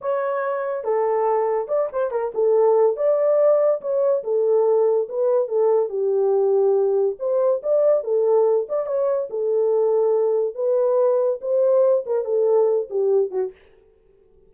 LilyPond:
\new Staff \with { instrumentName = "horn" } { \time 4/4 \tempo 4 = 142 cis''2 a'2 | d''8 c''8 ais'8 a'4. d''4~ | d''4 cis''4 a'2 | b'4 a'4 g'2~ |
g'4 c''4 d''4 a'4~ | a'8 d''8 cis''4 a'2~ | a'4 b'2 c''4~ | c''8 ais'8 a'4. g'4 fis'8 | }